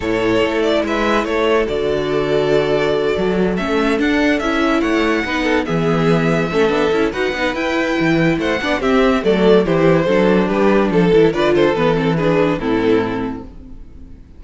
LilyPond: <<
  \new Staff \with { instrumentName = "violin" } { \time 4/4 \tempo 4 = 143 cis''4. d''8 e''4 cis''4 | d''1~ | d''8 e''4 fis''4 e''4 fis''8~ | fis''4. e''2~ e''8~ |
e''4 fis''4 g''2 | fis''4 e''4 d''4 c''4~ | c''4 b'4 a'4 d''8 c''8 | b'8 a'8 b'4 a'2 | }
  \new Staff \with { instrumentName = "violin" } { \time 4/4 a'2 b'4 a'4~ | a'1~ | a'2.~ a'8 cis''8~ | cis''8 b'8 a'8 gis'2 a'8~ |
a'4 b'2. | c''8 d''8 g'4 a'4 g'4 | a'4 g'4 a'4 b'8 a'8~ | a'4 gis'4 e'2 | }
  \new Staff \with { instrumentName = "viola" } { \time 4/4 e'1 | fis'1~ | fis'8 cis'4 d'4 e'4.~ | e'8 dis'4 b2 cis'8 |
d'8 e'8 fis'8 dis'8 e'2~ | e'8 d'8 c'4 a4 e'4 | d'2~ d'8 e'8 f'4 | b8 c'8 d'4 c'2 | }
  \new Staff \with { instrumentName = "cello" } { \time 4/4 a,4 a4 gis4 a4 | d2.~ d8 fis8~ | fis8 a4 d'4 cis'4 a8~ | a8 b4 e2 a8 |
b8 cis'8 dis'8 b8 e'4 e4 | a8 b8 c'4 fis4 e4 | fis4 g4 f8 e8 d4 | e2 a,2 | }
>>